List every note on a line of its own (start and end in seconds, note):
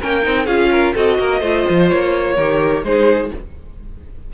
0.00 0.27 A#3
0.00 0.23 C#4
0.00 0.46 A#4
0.00 0.47 G5
0.23 0.47 C4
0.23 0.46 D#4
0.46 0.94 C#4
0.46 0.95 F4
0.46 0.70 G#4
0.46 0.94 F5
0.72 0.95 A#4
0.95 1.19 C4
0.95 1.42 F#4
0.95 1.18 A4
0.95 1.90 D#5
1.19 1.41 A#3
1.19 1.40 A#4
1.40 1.65 A3
1.40 2.37 F4
1.40 2.34 C5
1.70 1.92 F3
1.90 2.38 A#3
1.90 2.85 C#5
2.37 2.84 D#3
2.37 2.85 G4
2.37 2.84 A#4
2.84 3.31 G#3
2.84 3.33 D#4
2.84 3.34 G#4
2.84 3.32 C5